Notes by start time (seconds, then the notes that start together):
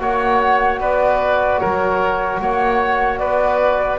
0.00 A#3 F#4 C#5 F#5
0.80 B3 B4 D5
1.59 F#3 A#4 C#5
2.40 A#3 C#5 F#5
3.19 B3 B4 D5